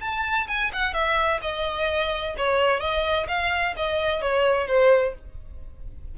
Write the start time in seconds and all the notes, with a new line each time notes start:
0.00 A5
0.47 G#5
0.72 F#5
0.93 E5
1.41 D#5
2.37 C#5
2.80 D#5
3.27 F5
3.76 D#5
4.21 C#5
4.67 C5